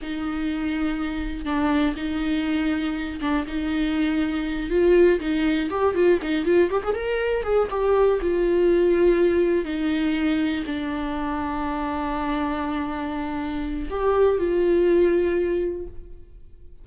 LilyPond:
\new Staff \with { instrumentName = "viola" } { \time 4/4 \tempo 4 = 121 dis'2. d'4 | dis'2~ dis'8 d'8 dis'4~ | dis'4. f'4 dis'4 g'8 | f'8 dis'8 f'8 g'16 gis'16 ais'4 gis'8 g'8~ |
g'8 f'2. dis'8~ | dis'4. d'2~ d'8~ | d'1 | g'4 f'2. | }